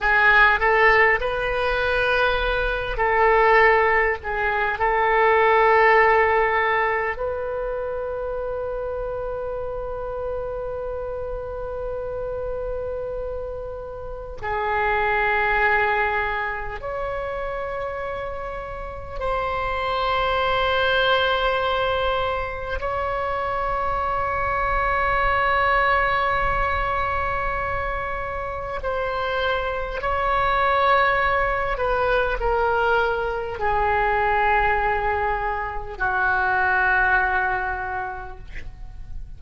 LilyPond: \new Staff \with { instrumentName = "oboe" } { \time 4/4 \tempo 4 = 50 gis'8 a'8 b'4. a'4 gis'8 | a'2 b'2~ | b'1 | gis'2 cis''2 |
c''2. cis''4~ | cis''1 | c''4 cis''4. b'8 ais'4 | gis'2 fis'2 | }